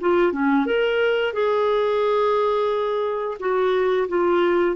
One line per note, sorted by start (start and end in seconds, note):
0.00 0.32 F4
0.32 0.66 C#4
0.66 1.33 A#4
1.33 3.37 G#4
3.39 4.07 F#4
4.08 4.76 F4